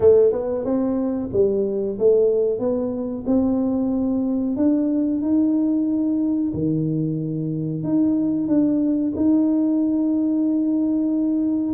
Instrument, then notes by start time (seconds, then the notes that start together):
tuba
0.00 A3
0.32 B3
0.65 C4
1.32 G3
1.98 A3
2.59 B3
3.26 C4
4.56 D4
5.21 D#4
6.53 D#3
7.83 D#4
8.47 D4
9.16 D#4